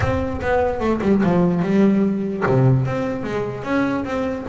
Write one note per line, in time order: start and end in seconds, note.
0.00 0.40 C4
0.41 0.79 B3
0.79 1.00 A3
1.01 1.22 G3
1.23 1.62 F3
1.62 2.43 G3
2.46 2.85 C3
2.85 3.23 C4
3.23 3.63 G#3
3.63 4.04 C#4
4.04 4.45 C4